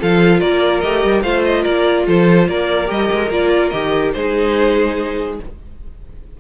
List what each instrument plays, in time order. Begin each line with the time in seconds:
0.00 cello F3, viola F4, violin A4 F5
0.40 cello A#3, violin A#4 D5
0.80 cello A3, viola G4, violin D#5
1.04 cello G3
1.22 cello A3, viola F4, violin C5 F5
1.45 violin D#5
1.62 cello A#3, violin A#4 D5
2.06 cello F3, violin A4 C5
2.48 cello A#3, violin A#4 D5
2.86 cello G3, viola G4, violin D#5
3.12 cello G#3
3.30 cello A#3, viola F4, violin D5
3.70 cello D#3, viola G4, violin D#5
4.13 cello G#3, viola D#4, violin G#4 C5